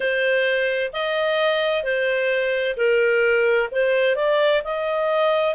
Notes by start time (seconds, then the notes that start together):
0.00 C5
0.92 D#5
1.83 C5
2.77 A#4
3.71 C5
4.15 D5
4.64 D#5